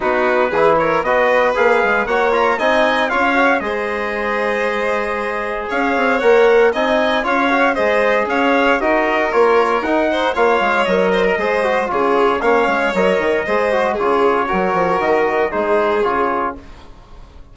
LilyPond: <<
  \new Staff \with { instrumentName = "trumpet" } { \time 4/4 \tempo 4 = 116 b'4. cis''8 dis''4 f''4 | fis''8 ais''8 gis''4 f''4 dis''4~ | dis''2. f''4 | fis''4 gis''4 f''4 dis''4 |
f''4 dis''4 cis''4 fis''4 | f''4 dis''2 cis''4 | f''4 dis''2 cis''4~ | cis''4 dis''4 c''4 cis''4 | }
  \new Staff \with { instrumentName = "violin" } { \time 4/4 fis'4 gis'8 ais'8 b'2 | cis''4 dis''4 cis''4 c''4~ | c''2. cis''4~ | cis''4 dis''4 cis''4 c''4 |
cis''4 ais'2~ ais'8 c''8 | cis''4. c''16 ais'16 c''4 gis'4 | cis''2 c''4 gis'4 | ais'2 gis'2 | }
  \new Staff \with { instrumentName = "trombone" } { \time 4/4 dis'4 e'4 fis'4 gis'4 | fis'8 f'8 dis'4 f'8 fis'8 gis'4~ | gis'1 | ais'4 dis'4 f'8 fis'8 gis'4~ |
gis'4 fis'4 f'4 dis'4 | f'4 ais'4 gis'8 fis'8 f'4 | cis'4 ais'4 gis'8 fis'8 f'4 | fis'2 dis'4 f'4 | }
  \new Staff \with { instrumentName = "bassoon" } { \time 4/4 b4 e4 b4 ais8 gis8 | ais4 c'4 cis'4 gis4~ | gis2. cis'8 c'8 | ais4 c'4 cis'4 gis4 |
cis'4 dis'4 ais4 dis'4 | ais8 gis8 fis4 gis4 cis4 | ais8 gis8 fis8 dis8 gis4 cis4 | fis8 f8 dis4 gis4 cis4 | }
>>